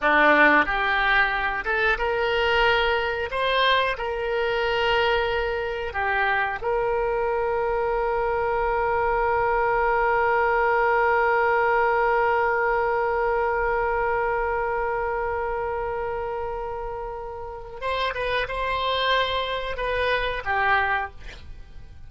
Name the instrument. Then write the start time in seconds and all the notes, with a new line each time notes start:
oboe
0.01 D4
0.65 G4
1.65 A4
1.98 A#4
3.30 C5
3.97 A#4
5.93 G4
6.61 A#4
17.80 C5
18.14 B4
18.48 C5
19.76 B4
20.44 G4